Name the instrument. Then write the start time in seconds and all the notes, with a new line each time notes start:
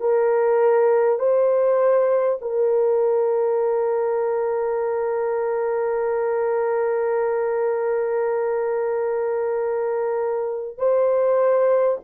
horn
0.00 A#4
1.19 C5
2.41 A#4
10.77 C5